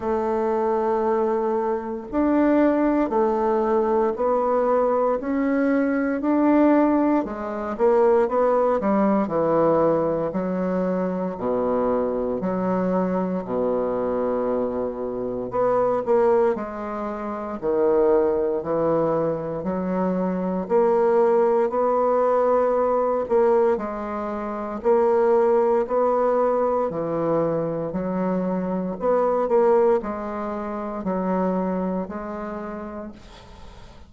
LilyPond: \new Staff \with { instrumentName = "bassoon" } { \time 4/4 \tempo 4 = 58 a2 d'4 a4 | b4 cis'4 d'4 gis8 ais8 | b8 g8 e4 fis4 b,4 | fis4 b,2 b8 ais8 |
gis4 dis4 e4 fis4 | ais4 b4. ais8 gis4 | ais4 b4 e4 fis4 | b8 ais8 gis4 fis4 gis4 | }